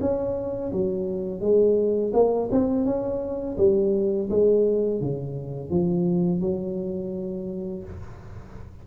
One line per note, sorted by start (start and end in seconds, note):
0.00 0.71 C#4
0.72 1.40 F#3
1.40 2.12 G#3
2.13 2.49 A#3
2.51 2.85 C4
2.85 3.56 C#4
3.57 4.29 G3
4.29 5.00 G#3
5.00 5.70 C#3
5.70 6.40 F3
6.40 7.83 F#3